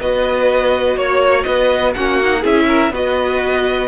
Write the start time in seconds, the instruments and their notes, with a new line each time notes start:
0.00 cello B3, viola F#4, violin B4 D#5
0.96 cello A#3, violin C#5
1.44 cello B3, violin B4 D#5
1.95 cello A#3, viola C#4, violin F#4 F#5
2.22 viola D#4
2.41 cello C#4, viola E4, violin G#4 E5
2.68 violin A#4
2.90 cello B3, viola F#4, violin B4 D#5